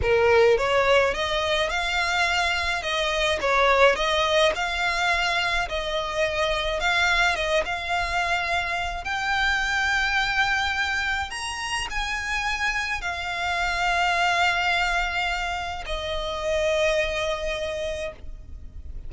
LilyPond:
\new Staff \with { instrumentName = "violin" } { \time 4/4 \tempo 4 = 106 ais'4 cis''4 dis''4 f''4~ | f''4 dis''4 cis''4 dis''4 | f''2 dis''2 | f''4 dis''8 f''2~ f''8 |
g''1 | ais''4 gis''2 f''4~ | f''1 | dis''1 | }